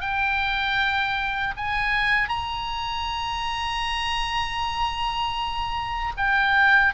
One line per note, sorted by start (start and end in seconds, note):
0.00 1.54 G5
1.56 2.28 G#5
2.28 6.13 A#5
6.17 6.93 G5